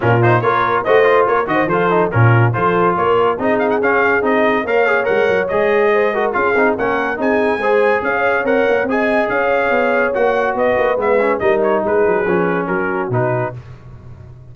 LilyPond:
<<
  \new Staff \with { instrumentName = "trumpet" } { \time 4/4 \tempo 4 = 142 ais'8 c''8 cis''4 dis''4 cis''8 dis''8 | c''4 ais'4 c''4 cis''4 | dis''8 f''16 fis''16 f''4 dis''4 f''4 | fis''4 dis''2 f''4 |
fis''4 gis''2 f''4 | fis''4 gis''4 f''2 | fis''4 dis''4 e''4 dis''8 cis''8 | b'2 ais'4 b'4 | }
  \new Staff \with { instrumentName = "horn" } { \time 4/4 f'4 ais'4 c''4 ais'8 c''8 | a'4 f'4 a'4 ais'4 | gis'2. cis''4~ | cis''2 c''8 ais'8 gis'4 |
ais'4 gis'4 c''4 cis''4~ | cis''4 dis''4 cis''2~ | cis''4 b'2 ais'4 | gis'2 fis'2 | }
  \new Staff \with { instrumentName = "trombone" } { \time 4/4 cis'8 dis'8 f'4 fis'8 f'4 fis'8 | f'8 dis'8 cis'4 f'2 | dis'4 cis'4 dis'4 ais'8 gis'8 | ais'4 gis'4. fis'8 f'8 dis'8 |
cis'4 dis'4 gis'2 | ais'4 gis'2. | fis'2 b8 cis'8 dis'4~ | dis'4 cis'2 dis'4 | }
  \new Staff \with { instrumentName = "tuba" } { \time 4/4 ais,4 ais4 a4 ais8 dis8 | f4 ais,4 f4 ais4 | c'4 cis'4 c'4 ais4 | gis8 fis8 gis2 cis'8 c'8 |
ais4 c'4 gis4 cis'4 | c'8 ais8 c'4 cis'4 b4 | ais4 b8 ais8 gis4 g4 | gis8 fis8 f4 fis4 b,4 | }
>>